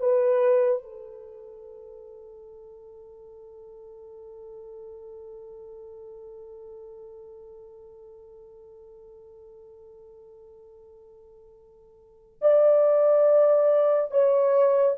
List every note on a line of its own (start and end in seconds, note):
0.00 0.83 B4
0.83 12.40 A4
12.42 14.12 D5
14.12 14.97 C#5